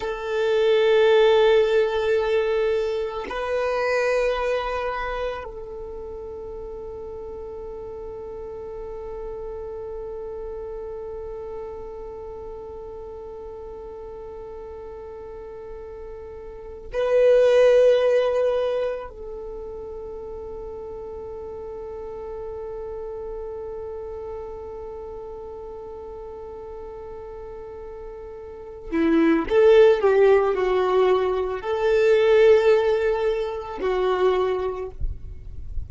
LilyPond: \new Staff \with { instrumentName = "violin" } { \time 4/4 \tempo 4 = 55 a'2. b'4~ | b'4 a'2.~ | a'1~ | a'2.~ a'8 b'8~ |
b'4. a'2~ a'8~ | a'1~ | a'2~ a'8 e'8 a'8 g'8 | fis'4 a'2 fis'4 | }